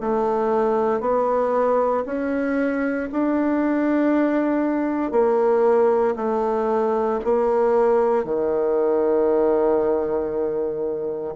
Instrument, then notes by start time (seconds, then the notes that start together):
bassoon
0.00 A3
1.01 B3
2.05 C#4
3.12 D4
5.12 A#3
6.16 A3
7.25 A#3
8.24 D#3